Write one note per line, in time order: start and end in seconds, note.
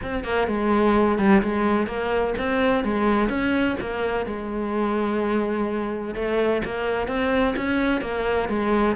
0.03 0.24 C4
0.24 0.47 A#3
0.47 1.18 G#3
1.18 1.42 G3
1.42 1.86 G#3
1.86 2.34 A#3
2.38 2.83 C4
2.83 3.29 G#3
3.29 3.76 C#4
3.80 4.26 A#3
4.26 6.14 G#3
6.14 6.61 A3
6.65 7.07 A#3
7.07 7.55 C4
7.56 8.01 C#4
8.01 8.48 A#3
8.48 8.95 G#3